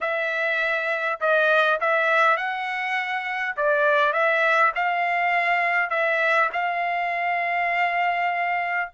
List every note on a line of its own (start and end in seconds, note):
0.01 1.19 E5
1.20 1.80 D#5
1.80 2.37 E5
2.37 3.55 F#5
3.56 4.13 D5
4.13 4.72 E5
4.75 5.90 F5
5.90 6.49 E5
6.52 8.90 F5